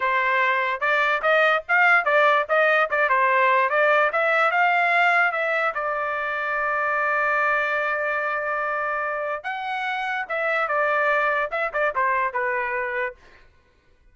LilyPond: \new Staff \with { instrumentName = "trumpet" } { \time 4/4 \tempo 4 = 146 c''2 d''4 dis''4 | f''4 d''4 dis''4 d''8 c''8~ | c''4 d''4 e''4 f''4~ | f''4 e''4 d''2~ |
d''1~ | d''2. fis''4~ | fis''4 e''4 d''2 | e''8 d''8 c''4 b'2 | }